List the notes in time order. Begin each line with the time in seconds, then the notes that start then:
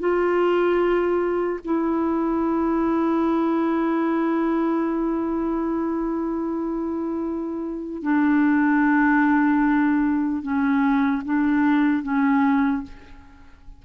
0.00 F4
1.65 E4
8.03 D4
10.43 C#4
11.25 D4
12.03 C#4